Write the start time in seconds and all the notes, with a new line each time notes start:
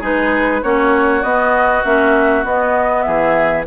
0.00 G#3 D#4 G#4 B4
0.63 A#3 C#4 F#4 C#5
1.23 B3 D#5
1.84 A#3 C#4 E5
2.44 B3 D#5
3.02 E3 G#4 E5